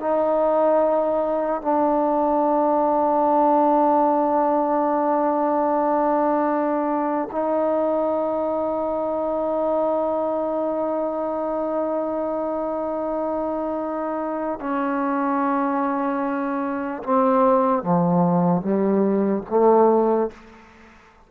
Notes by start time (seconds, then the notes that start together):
0.00 D#4
1.62 D4
7.32 D#4
14.59 C#4
17.03 C4
17.83 F3
18.62 G3
19.50 A3